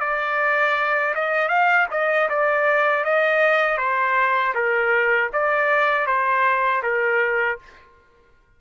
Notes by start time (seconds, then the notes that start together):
0.00 D5
1.15 D#5
1.48 F5
1.91 D#5
2.29 D5
3.04 D#5
3.78 C5
4.55 A#4
5.33 D5
6.07 C5
6.83 A#4